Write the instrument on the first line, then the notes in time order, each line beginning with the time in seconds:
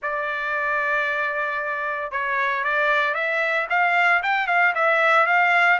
trumpet
0.02 D5
2.11 C#5
2.64 D5
3.14 E5
3.69 F5
4.22 G5
4.47 F5
4.75 E5
5.26 F5